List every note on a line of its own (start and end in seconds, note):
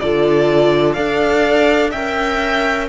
0.00 0.98 D3
0.00 0.96 F4
0.00 0.95 A4
0.00 0.94 D5
0.94 1.94 D4
0.94 1.93 A4
0.94 1.91 D5
0.94 1.91 F5
1.91 2.89 C#4
1.91 2.89 A#4
1.91 2.88 E5
1.91 2.89 G5